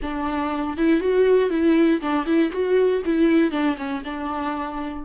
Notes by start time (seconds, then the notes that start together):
0.01 D4
0.77 E4
1.00 F#4
1.50 E4
2.01 D4
2.26 E4
2.51 F#4
3.05 E4
3.51 D4
3.77 C#4
4.04 D4